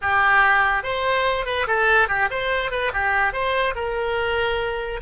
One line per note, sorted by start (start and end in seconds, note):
0.01 0.83 G4
0.83 1.45 C5
1.45 1.66 B4
1.67 2.08 A4
2.08 2.29 G4
2.30 2.71 C5
2.71 2.92 B4
2.93 3.32 G4
3.32 3.74 C5
3.75 5.00 A#4